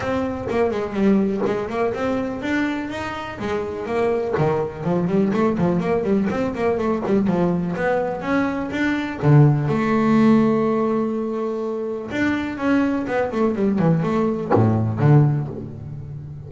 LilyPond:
\new Staff \with { instrumentName = "double bass" } { \time 4/4 \tempo 4 = 124 c'4 ais8 gis8 g4 gis8 ais8 | c'4 d'4 dis'4 gis4 | ais4 dis4 f8 g8 a8 f8 | ais8 g8 c'8 ais8 a8 g8 f4 |
b4 cis'4 d'4 d4 | a1~ | a4 d'4 cis'4 b8 a8 | g8 e8 a4 a,4 d4 | }